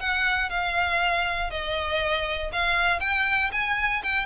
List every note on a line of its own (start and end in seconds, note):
0.00 0.50 F#5
0.50 1.50 F5
1.51 2.51 D#5
2.53 3.00 F5
3.00 3.51 G5
3.52 4.02 G#5
4.03 4.26 G5